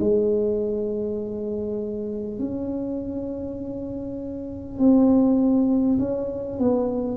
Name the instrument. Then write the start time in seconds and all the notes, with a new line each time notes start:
tuba
0.00 G#3
2.38 C#4
4.78 C4
5.98 C#4
6.59 B3